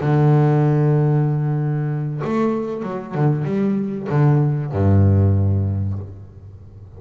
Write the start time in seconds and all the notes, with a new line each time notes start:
0.00 D3
2.24 A3
2.82 F#3
3.14 D3
3.44 G3
4.09 D3
4.72 G2